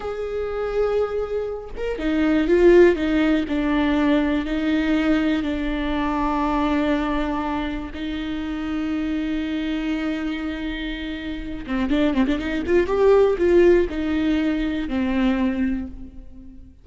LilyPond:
\new Staff \with { instrumentName = "viola" } { \time 4/4 \tempo 4 = 121 gis'2.~ gis'8 ais'8 | dis'4 f'4 dis'4 d'4~ | d'4 dis'2 d'4~ | d'1 |
dis'1~ | dis'2.~ dis'8 c'8 | d'8 c'16 d'16 dis'8 f'8 g'4 f'4 | dis'2 c'2 | }